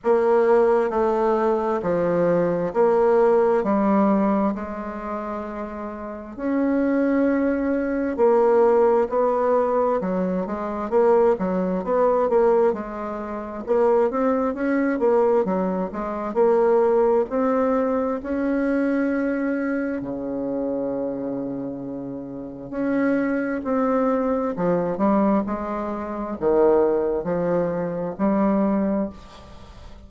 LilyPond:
\new Staff \with { instrumentName = "bassoon" } { \time 4/4 \tempo 4 = 66 ais4 a4 f4 ais4 | g4 gis2 cis'4~ | cis'4 ais4 b4 fis8 gis8 | ais8 fis8 b8 ais8 gis4 ais8 c'8 |
cis'8 ais8 fis8 gis8 ais4 c'4 | cis'2 cis2~ | cis4 cis'4 c'4 f8 g8 | gis4 dis4 f4 g4 | }